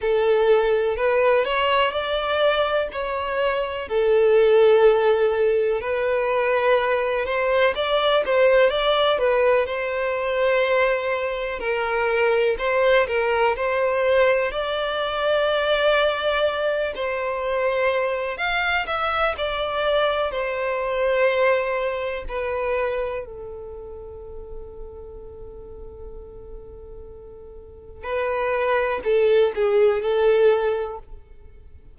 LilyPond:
\new Staff \with { instrumentName = "violin" } { \time 4/4 \tempo 4 = 62 a'4 b'8 cis''8 d''4 cis''4 | a'2 b'4. c''8 | d''8 c''8 d''8 b'8 c''2 | ais'4 c''8 ais'8 c''4 d''4~ |
d''4. c''4. f''8 e''8 | d''4 c''2 b'4 | a'1~ | a'4 b'4 a'8 gis'8 a'4 | }